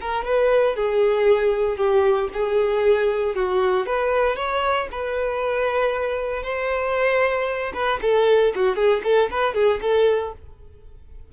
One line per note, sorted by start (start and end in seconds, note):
0.00 0.24 A#4
0.24 0.75 B4
0.75 1.77 G#4
1.77 2.29 G4
2.33 3.35 G#4
3.35 3.86 F#4
3.86 4.36 B4
4.36 4.87 C#5
4.91 6.43 B4
6.43 7.72 C5
7.74 7.99 B4
8.01 8.53 A4
8.55 8.75 F#4
8.75 9.01 G#4
9.03 9.29 A4
9.30 9.54 B4
9.54 9.80 G#4
9.81 10.33 A4